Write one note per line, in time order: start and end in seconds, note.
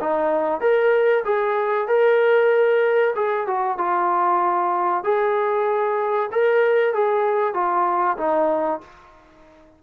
0.00 0.60 D#4
0.60 1.23 A#4
1.24 1.87 G#4
1.87 3.14 A#4
3.15 3.47 G#4
3.47 3.78 F#4
3.78 5.04 F4
5.04 6.30 G#4
6.31 6.94 A#4
6.94 7.54 G#4
7.54 8.17 F4
8.17 8.80 D#4